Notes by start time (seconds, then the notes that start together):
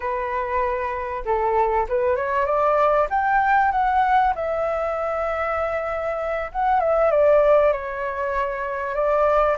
0.00 B4
1.25 A4
1.88 B4
2.16 C#5
2.45 D5
3.10 G5
3.71 F#5
4.35 E5
6.52 F#5
6.80 E5
7.10 D5
7.72 C#5
8.95 D5